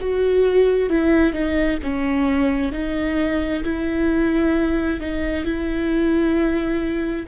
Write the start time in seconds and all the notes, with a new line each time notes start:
0.00 F#4
0.89 E4
1.33 D#4
1.83 C#4
2.72 D#4
3.64 E4
5.00 D#4
5.45 E4